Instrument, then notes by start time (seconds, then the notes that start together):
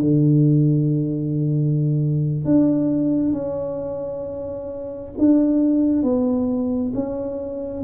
tuba
0.00 D3
2.44 D4
3.32 C#4
5.18 D4
6.02 B3
6.94 C#4